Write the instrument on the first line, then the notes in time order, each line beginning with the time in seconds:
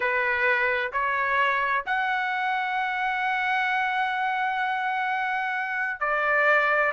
trumpet
0.00 B4
0.92 C#5
1.86 F#5
6.00 D5